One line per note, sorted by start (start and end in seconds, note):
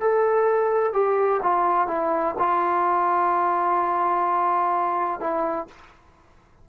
0.00 0.93 A4
0.93 1.40 G4
1.42 1.87 F4
1.87 2.35 E4
2.39 5.20 F4
5.20 5.67 E4